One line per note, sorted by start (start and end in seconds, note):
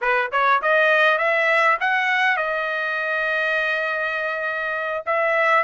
0.01 0.31 B4
0.31 0.61 C#5
0.62 1.18 D#5
1.18 1.77 E5
1.80 2.36 F#5
2.36 5.04 D#5
5.05 5.63 E5